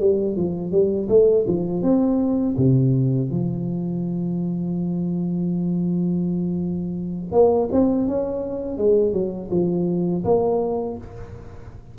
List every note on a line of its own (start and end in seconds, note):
0.00 0.37 G3
0.37 0.72 F3
0.72 1.08 G3
1.09 1.45 A3
1.47 1.82 F3
1.82 2.55 C4
2.57 3.30 C3
3.30 7.32 F3
7.32 7.69 A#3
7.72 8.08 C4
8.08 8.78 C#4
8.78 9.13 G#3
9.13 9.50 F#3
9.51 10.24 F3
10.24 10.98 A#3